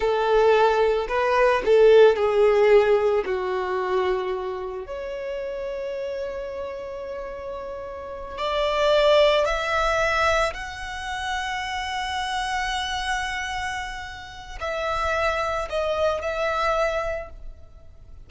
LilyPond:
\new Staff \with { instrumentName = "violin" } { \time 4/4 \tempo 4 = 111 a'2 b'4 a'4 | gis'2 fis'2~ | fis'4 cis''2.~ | cis''2.~ cis''8 d''8~ |
d''4. e''2 fis''8~ | fis''1~ | fis''2. e''4~ | e''4 dis''4 e''2 | }